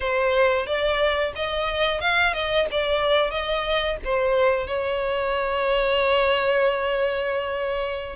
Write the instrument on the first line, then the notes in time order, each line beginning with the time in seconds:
violin
0.00 C5
0.66 D5
1.35 D#5
2.00 F5
2.33 D#5
2.71 D5
3.30 D#5
4.04 C5
4.67 C#5